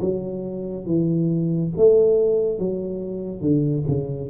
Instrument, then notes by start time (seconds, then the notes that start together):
tuba
0.00 F#3
0.85 E3
1.77 A3
2.58 F#3
3.41 D3
3.87 C#3